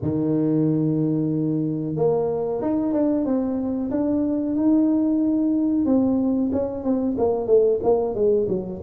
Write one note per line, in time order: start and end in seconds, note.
0.02 1.96 D#3
1.96 2.61 A#3
2.61 2.92 D#4
2.92 3.25 D4
3.25 3.90 C4
3.90 4.55 D4
4.55 5.85 D#4
5.85 6.50 C4
6.52 6.84 C#4
6.84 7.16 C4
7.18 7.46 A#3
7.46 7.79 A3
7.83 8.14 A#3
8.14 8.47 G#3
8.48 8.80 F#3